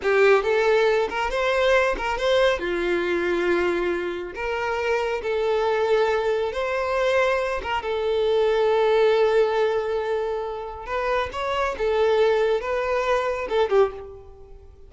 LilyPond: \new Staff \with { instrumentName = "violin" } { \time 4/4 \tempo 4 = 138 g'4 a'4. ais'8 c''4~ | c''8 ais'8 c''4 f'2~ | f'2 ais'2 | a'2. c''4~ |
c''4. ais'8 a'2~ | a'1~ | a'4 b'4 cis''4 a'4~ | a'4 b'2 a'8 g'8 | }